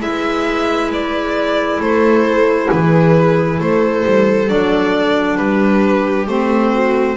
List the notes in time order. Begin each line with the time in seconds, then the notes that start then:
0.00 G#3 E4 B4 E5
0.93 D5
1.80 A3 A4 C5
2.70 E3 G#4 B4
3.60 A3 A4 C5
4.06 G3
4.49 F#3 D4 D5
5.37 G3 G4 B4
6.28 A3 C4 C5
6.73 F#4